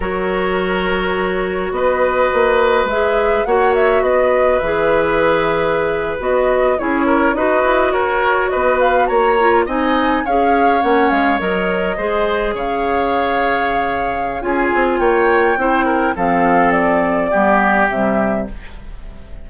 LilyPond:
<<
  \new Staff \with { instrumentName = "flute" } { \time 4/4 \tempo 4 = 104 cis''2. dis''4~ | dis''4 e''4 fis''8 e''8 dis''4 | e''2~ e''8. dis''4 cis''16~ | cis''8. dis''4 cis''4 dis''8 f''8 ais''16~ |
ais''8. gis''4 f''4 fis''8 f''8 dis''16~ | dis''4.~ dis''16 f''2~ f''16~ | f''4 gis''4 g''2 | f''4 d''2 e''4 | }
  \new Staff \with { instrumentName = "oboe" } { \time 4/4 ais'2. b'4~ | b'2 cis''4 b'4~ | b'2.~ b'8. gis'16~ | gis'16 ais'8 b'4 ais'4 b'4 cis''16~ |
cis''8. dis''4 cis''2~ cis''16~ | cis''8. c''4 cis''2~ cis''16~ | cis''4 gis'4 cis''4 c''8 ais'8 | a'2 g'2 | }
  \new Staff \with { instrumentName = "clarinet" } { \time 4/4 fis'1~ | fis'4 gis'4 fis'2 | gis'2~ gis'8. fis'4 e'16~ | e'8. fis'2.~ fis'16~ |
fis'16 f'8 dis'4 gis'4 cis'4 ais'16~ | ais'8. gis'2.~ gis'16~ | gis'4 f'2 e'4 | c'2 b4 g4 | }
  \new Staff \with { instrumentName = "bassoon" } { \time 4/4 fis2. b4 | ais4 gis4 ais4 b4 | e2~ e8. b4 cis'16~ | cis'8. dis'8 e'8 fis'4 b4 ais16~ |
ais8. c'4 cis'4 ais8 gis8 fis16~ | fis8. gis4 cis2~ cis16~ | cis4 cis'8 c'8 ais4 c'4 | f2 g4 c4 | }
>>